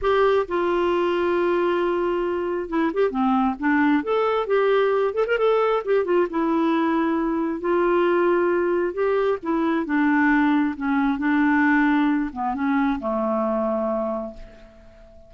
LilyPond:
\new Staff \with { instrumentName = "clarinet" } { \time 4/4 \tempo 4 = 134 g'4 f'2.~ | f'2 e'8 g'8 c'4 | d'4 a'4 g'4. a'16 ais'16 | a'4 g'8 f'8 e'2~ |
e'4 f'2. | g'4 e'4 d'2 | cis'4 d'2~ d'8 b8 | cis'4 a2. | }